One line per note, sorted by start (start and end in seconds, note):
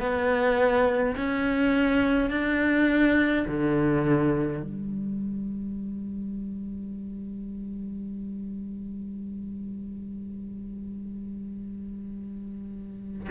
0.00 1.15 B3
1.16 2.30 C#4
2.30 3.46 D4
3.47 4.63 D3
4.63 13.28 G3